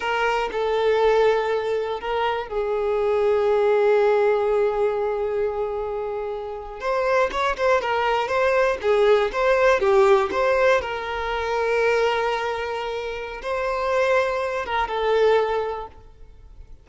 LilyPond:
\new Staff \with { instrumentName = "violin" } { \time 4/4 \tempo 4 = 121 ais'4 a'2. | ais'4 gis'2.~ | gis'1~ | gis'4.~ gis'16 c''4 cis''8 c''8 ais'16~ |
ais'8. c''4 gis'4 c''4 g'16~ | g'8. c''4 ais'2~ ais'16~ | ais'2. c''4~ | c''4. ais'8 a'2 | }